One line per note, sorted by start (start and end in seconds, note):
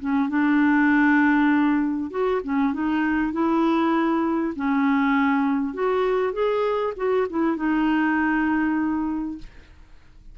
0.00 0.29 C#4
0.29 2.10 D4
2.10 2.41 F#4
2.44 2.73 C#4
2.73 3.33 D#4
3.33 4.54 E4
4.56 5.74 C#4
5.74 6.33 F#4
6.33 6.94 G#4
6.97 7.27 F#4
7.30 7.56 E4
7.56 9.38 D#4